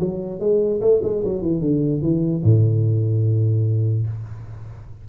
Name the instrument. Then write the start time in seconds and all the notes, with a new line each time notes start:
tuba
0.00 F#3
0.40 G#3
0.81 A3
1.03 G#3
1.25 F#3
1.42 E3
1.61 D3
2.02 E3
2.43 A2